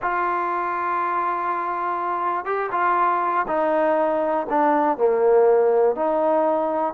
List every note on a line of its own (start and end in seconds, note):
0.01 2.45 F4
2.45 2.70 G4
2.71 3.46 F4
3.47 4.46 D#4
4.49 4.97 D4
4.97 5.95 A#3
5.95 6.93 D#4